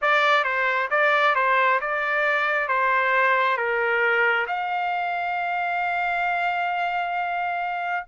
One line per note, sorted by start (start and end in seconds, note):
0.01 0.44 D5
0.44 0.89 C5
0.90 1.35 D5
1.35 1.80 C5
1.80 2.67 D5
2.67 3.57 C5
3.57 4.46 A#4
4.47 8.05 F5